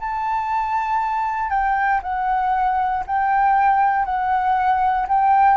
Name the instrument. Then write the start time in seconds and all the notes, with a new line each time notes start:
flute
0.00 A5
1.50 G5
2.03 F#5
3.07 G5
4.05 F#5
5.08 G5